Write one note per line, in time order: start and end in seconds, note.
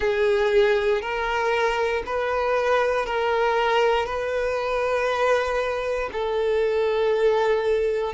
0.00 1.01 G#4
1.01 2.03 A#4
2.06 3.06 B4
3.06 4.06 A#4
4.06 6.09 B4
6.12 8.13 A4